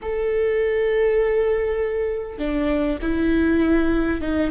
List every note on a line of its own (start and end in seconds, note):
0.02 2.38 A4
2.38 2.98 D4
3.01 4.21 E4
4.21 4.50 D#4